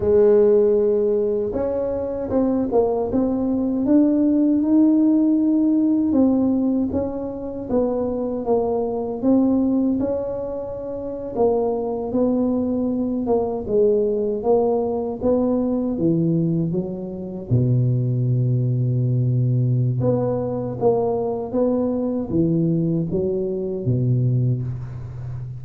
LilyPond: \new Staff \with { instrumentName = "tuba" } { \time 4/4 \tempo 4 = 78 gis2 cis'4 c'8 ais8 | c'4 d'4 dis'2 | c'4 cis'4 b4 ais4 | c'4 cis'4.~ cis'16 ais4 b16~ |
b4~ b16 ais8 gis4 ais4 b16~ | b8. e4 fis4 b,4~ b,16~ | b,2 b4 ais4 | b4 e4 fis4 b,4 | }